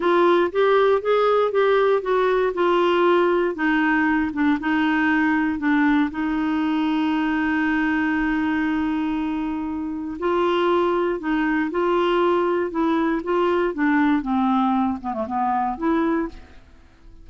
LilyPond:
\new Staff \with { instrumentName = "clarinet" } { \time 4/4 \tempo 4 = 118 f'4 g'4 gis'4 g'4 | fis'4 f'2 dis'4~ | dis'8 d'8 dis'2 d'4 | dis'1~ |
dis'1 | f'2 dis'4 f'4~ | f'4 e'4 f'4 d'4 | c'4. b16 a16 b4 e'4 | }